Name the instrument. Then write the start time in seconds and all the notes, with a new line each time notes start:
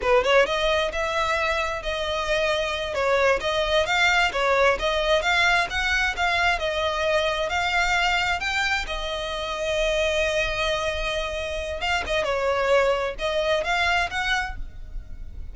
violin
0.01 B4
0.24 C#5
0.45 D#5
0.92 E5
1.82 D#5
2.94 C#5
3.40 D#5
3.86 F5
4.32 C#5
4.79 D#5
5.21 F5
5.69 F#5
6.16 F5
6.58 D#5
7.49 F5
8.40 G5
8.86 D#5
11.80 F5
12.06 D#5
12.24 C#5
13.18 D#5
13.64 F5
14.10 F#5